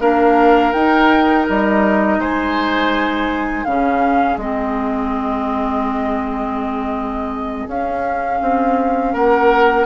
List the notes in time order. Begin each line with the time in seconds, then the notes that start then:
0.00 A#3 D4 A#4 F5
0.72 D#4 G5
1.49 G3 D#5
2.18 G#3 C5 G#5
3.64 C#3 C#4 G#4 F5
4.37 G#3 C4 D#5
7.67 C#4 F5
8.41 C4
9.13 A#3 A#4 F#5